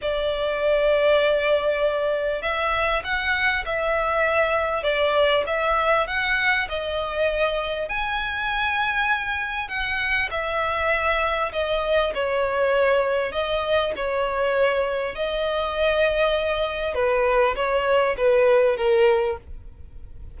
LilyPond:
\new Staff \with { instrumentName = "violin" } { \time 4/4 \tempo 4 = 99 d''1 | e''4 fis''4 e''2 | d''4 e''4 fis''4 dis''4~ | dis''4 gis''2. |
fis''4 e''2 dis''4 | cis''2 dis''4 cis''4~ | cis''4 dis''2. | b'4 cis''4 b'4 ais'4 | }